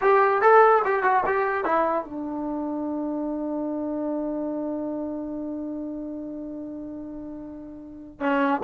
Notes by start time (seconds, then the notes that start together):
0.01 G4
0.41 A4
0.85 G4
1.03 F#4
1.26 G4
1.64 E4
2.04 D4
8.20 C#4